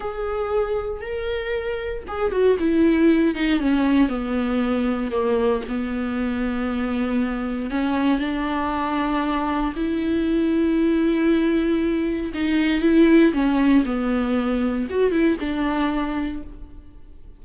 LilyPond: \new Staff \with { instrumentName = "viola" } { \time 4/4 \tempo 4 = 117 gis'2 ais'2 | gis'8 fis'8 e'4. dis'8 cis'4 | b2 ais4 b4~ | b2. cis'4 |
d'2. e'4~ | e'1 | dis'4 e'4 cis'4 b4~ | b4 fis'8 e'8 d'2 | }